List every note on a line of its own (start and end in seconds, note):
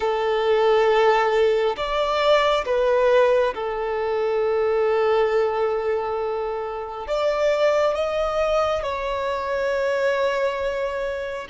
0.00 1.76 A4
1.76 2.65 D5
2.65 3.53 B4
3.54 7.07 A4
7.07 7.94 D5
7.94 8.82 D#5
8.82 11.47 C#5